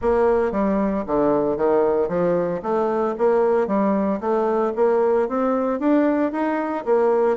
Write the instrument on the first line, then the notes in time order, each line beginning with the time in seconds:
bassoon
0.01 A#3
0.51 G3
1.06 D3
1.56 D#3
2.08 F3
2.62 A3
3.17 A#3
3.67 G3
4.20 A3
4.75 A#3
5.28 C4
5.79 D4
6.32 D#4
6.85 A#3